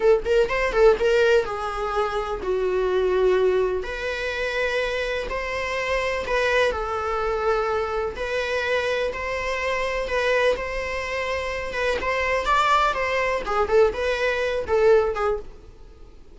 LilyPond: \new Staff \with { instrumentName = "viola" } { \time 4/4 \tempo 4 = 125 a'8 ais'8 c''8 a'8 ais'4 gis'4~ | gis'4 fis'2. | b'2. c''4~ | c''4 b'4 a'2~ |
a'4 b'2 c''4~ | c''4 b'4 c''2~ | c''8 b'8 c''4 d''4 c''4 | gis'8 a'8 b'4. a'4 gis'8 | }